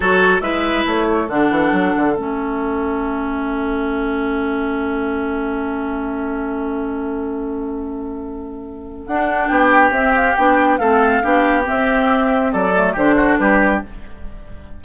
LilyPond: <<
  \new Staff \with { instrumentName = "flute" } { \time 4/4 \tempo 4 = 139 cis''4 e''4 cis''4 fis''4~ | fis''4 e''2.~ | e''1~ | e''1~ |
e''1~ | e''4 fis''4 g''4 e''8 f''8 | g''4 f''2 e''4~ | e''4 d''4 c''4 b'4 | }
  \new Staff \with { instrumentName = "oboe" } { \time 4/4 a'4 b'4. a'4.~ | a'1~ | a'1~ | a'1~ |
a'1~ | a'2 g'2~ | g'4 a'4 g'2~ | g'4 a'4 g'8 fis'8 g'4 | }
  \new Staff \with { instrumentName = "clarinet" } { \time 4/4 fis'4 e'2 d'4~ | d'4 cis'2.~ | cis'1~ | cis'1~ |
cis'1~ | cis'4 d'2 c'4 | d'4 c'4 d'4 c'4~ | c'4. a8 d'2 | }
  \new Staff \with { instrumentName = "bassoon" } { \time 4/4 fis4 gis4 a4 d8 e8 | fis8 d8 a2.~ | a1~ | a1~ |
a1~ | a4 d'4 b4 c'4 | b4 a4 b4 c'4~ | c'4 fis4 d4 g4 | }
>>